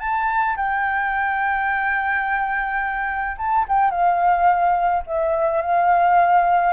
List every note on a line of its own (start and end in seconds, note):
0.00 0.56 A5
0.57 3.37 G5
3.38 3.66 A5
3.68 3.91 G5
3.91 5.03 F5
5.06 5.62 E5
5.62 6.73 F5